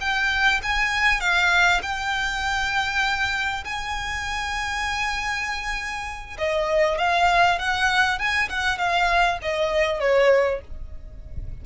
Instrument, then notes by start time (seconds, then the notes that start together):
violin
0.00 G5
0.63 G#5
1.20 F5
1.82 G5
3.64 G#5
6.38 D#5
6.98 F5
7.58 F#5
8.18 G#5
8.49 F#5
8.78 F5
9.42 D#5
10.00 C#5